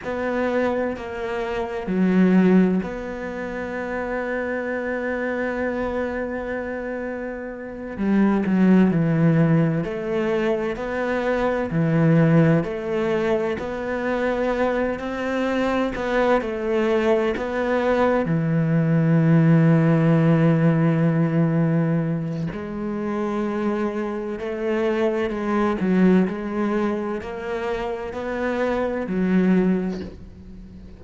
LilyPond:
\new Staff \with { instrumentName = "cello" } { \time 4/4 \tempo 4 = 64 b4 ais4 fis4 b4~ | b1~ | b8 g8 fis8 e4 a4 b8~ | b8 e4 a4 b4. |
c'4 b8 a4 b4 e8~ | e1 | gis2 a4 gis8 fis8 | gis4 ais4 b4 fis4 | }